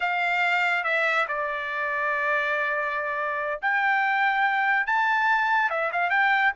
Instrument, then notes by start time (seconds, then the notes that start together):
trumpet
0.00 F5
0.84 E5
1.28 D5
3.61 G5
4.86 A5
5.70 E5
5.92 F5
6.10 G5